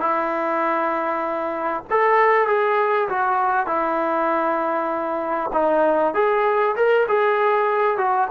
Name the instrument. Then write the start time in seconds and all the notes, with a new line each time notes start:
trombone
0.00 E4
1.90 A4
2.47 G#4
3.08 F#4
3.66 E4
5.52 D#4
6.14 G#4
6.76 A#4
7.08 G#4
7.97 F#4